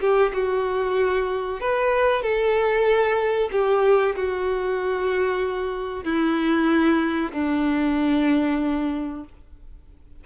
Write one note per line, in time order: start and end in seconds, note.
0.00 0.32 G4
0.33 1.60 F#4
1.60 2.22 B4
2.22 3.49 A4
3.51 4.15 G4
4.15 6.04 F#4
6.04 7.31 E4
7.32 9.24 D4